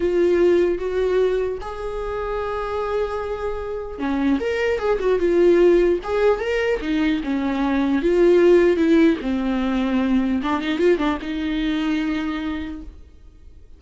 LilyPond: \new Staff \with { instrumentName = "viola" } { \time 4/4 \tempo 4 = 150 f'2 fis'2 | gis'1~ | gis'2 cis'4 ais'4 | gis'8 fis'8 f'2 gis'4 |
ais'4 dis'4 cis'2 | f'2 e'4 c'4~ | c'2 d'8 dis'8 f'8 d'8 | dis'1 | }